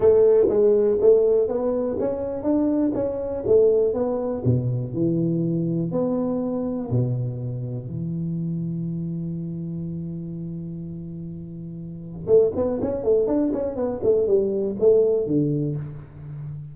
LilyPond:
\new Staff \with { instrumentName = "tuba" } { \time 4/4 \tempo 4 = 122 a4 gis4 a4 b4 | cis'4 d'4 cis'4 a4 | b4 b,4 e2 | b2 b,2 |
e1~ | e1~ | e4 a8 b8 cis'8 a8 d'8 cis'8 | b8 a8 g4 a4 d4 | }